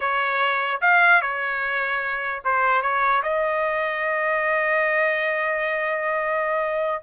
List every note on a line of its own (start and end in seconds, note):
0.00 0.81 C#5
0.81 1.21 F5
1.21 2.42 C#5
2.44 2.82 C5
2.82 3.22 C#5
3.22 7.03 D#5